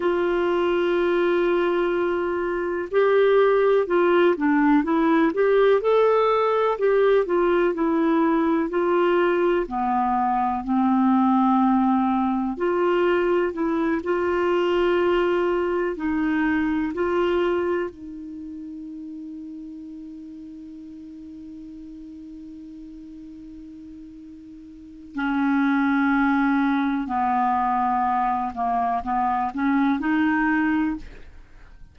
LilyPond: \new Staff \with { instrumentName = "clarinet" } { \time 4/4 \tempo 4 = 62 f'2. g'4 | f'8 d'8 e'8 g'8 a'4 g'8 f'8 | e'4 f'4 b4 c'4~ | c'4 f'4 e'8 f'4.~ |
f'8 dis'4 f'4 dis'4.~ | dis'1~ | dis'2 cis'2 | b4. ais8 b8 cis'8 dis'4 | }